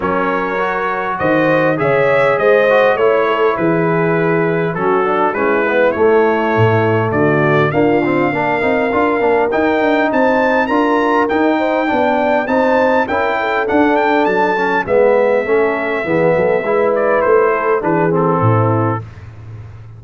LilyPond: <<
  \new Staff \with { instrumentName = "trumpet" } { \time 4/4 \tempo 4 = 101 cis''2 dis''4 e''4 | dis''4 cis''4 b'2 | a'4 b'4 cis''2 | d''4 f''2. |
g''4 a''4 ais''4 g''4~ | g''4 a''4 g''4 fis''8 g''8 | a''4 e''2.~ | e''8 d''8 c''4 b'8 a'4. | }
  \new Staff \with { instrumentName = "horn" } { \time 4/4 ais'2 c''4 cis''4 | c''4 cis''8 a'8 gis'2 | fis'4 e'2. | fis'4 f'4 ais'2~ |
ais'4 c''4 ais'4. c''8 | d''4 c''4 ais'8 a'4.~ | a'4 b'4 a'4 gis'8 a'8 | b'4. a'8 gis'4 e'4 | }
  \new Staff \with { instrumentName = "trombone" } { \time 4/4 cis'4 fis'2 gis'4~ | gis'8 fis'8 e'2. | cis'8 d'8 cis'8 b8 a2~ | a4 ais8 c'8 d'8 dis'8 f'8 d'8 |
dis'2 f'4 dis'4 | d'4 dis'4 e'4 d'4~ | d'8 cis'8 b4 cis'4 b4 | e'2 d'8 c'4. | }
  \new Staff \with { instrumentName = "tuba" } { \time 4/4 fis2 dis4 cis4 | gis4 a4 e2 | fis4 gis4 a4 a,4 | d4 d'4 ais8 c'8 d'8 ais8 |
dis'8 d'8 c'4 d'4 dis'4 | b4 c'4 cis'4 d'4 | fis4 gis4 a4 e8 fis8 | gis4 a4 e4 a,4 | }
>>